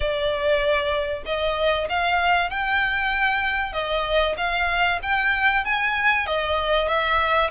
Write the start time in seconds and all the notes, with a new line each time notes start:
0.00 D5
1.25 D#5
1.89 F5
2.50 G5
3.72 D#5
4.37 F5
5.02 G5
5.64 G#5
6.26 D#5
6.88 E5